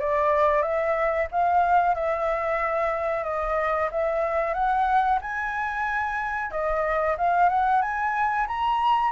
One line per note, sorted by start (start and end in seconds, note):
0.00 0.63 D5
0.63 1.28 E5
1.32 1.95 F5
1.95 3.24 E5
3.24 3.90 D#5
3.92 4.54 E5
4.54 5.19 F#5
5.22 6.51 G#5
6.51 7.17 D#5
7.18 7.49 F5
7.49 7.82 F#5
7.82 8.47 G#5
8.48 9.12 A#5